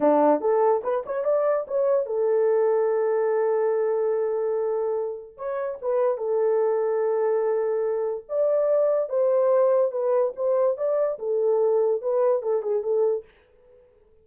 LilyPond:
\new Staff \with { instrumentName = "horn" } { \time 4/4 \tempo 4 = 145 d'4 a'4 b'8 cis''8 d''4 | cis''4 a'2.~ | a'1~ | a'4 cis''4 b'4 a'4~ |
a'1 | d''2 c''2 | b'4 c''4 d''4 a'4~ | a'4 b'4 a'8 gis'8 a'4 | }